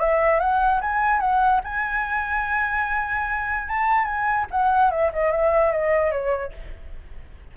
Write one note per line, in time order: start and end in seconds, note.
0.00 0.40 E5
0.40 0.81 F#5
0.82 1.21 G#5
1.21 1.61 F#5
1.64 3.68 G#5
3.68 4.05 A5
4.05 4.46 G#5
4.52 4.91 F#5
4.91 5.12 E5
5.13 5.32 D#5
5.32 5.72 E5
5.72 6.12 D#5
6.12 6.53 C#5